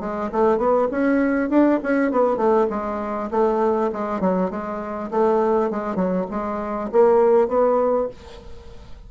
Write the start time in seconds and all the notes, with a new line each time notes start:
0.00 G#3
0.32 A3
0.58 B3
0.91 C#4
1.49 D4
1.83 C#4
2.11 B3
2.37 A3
2.70 G#3
3.31 A3
3.92 G#3
4.20 F#3
4.50 G#3
5.11 A3
5.70 G#3
5.96 F#3
6.30 G#3
6.92 A#3
7.48 B3